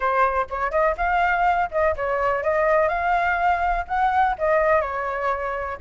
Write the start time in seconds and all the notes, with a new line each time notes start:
0.00 C5
0.49 C#5
0.71 D#5
0.97 F5
1.71 D#5
1.96 C#5
2.43 D#5
2.88 F5
3.87 F#5
4.38 D#5
4.81 C#5